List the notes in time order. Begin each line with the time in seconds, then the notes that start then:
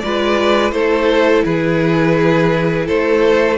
0.00 G#3 F4 B4 D5
0.72 A3 E4 A4 C5
1.44 E3 G#4 B4
2.86 A3 A4 C5